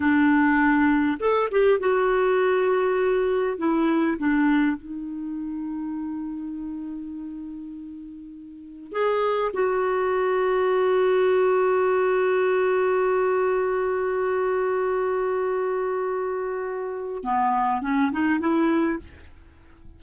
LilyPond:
\new Staff \with { instrumentName = "clarinet" } { \time 4/4 \tempo 4 = 101 d'2 a'8 g'8 fis'4~ | fis'2 e'4 d'4 | dis'1~ | dis'2. gis'4 |
fis'1~ | fis'1~ | fis'1~ | fis'4 b4 cis'8 dis'8 e'4 | }